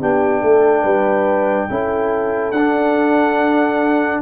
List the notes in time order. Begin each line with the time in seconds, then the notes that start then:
0.00 B3 D4 G4 G5
0.41 A3 A4
0.82 G3 B4
1.69 C#4 E4 A4
2.52 D4 F#5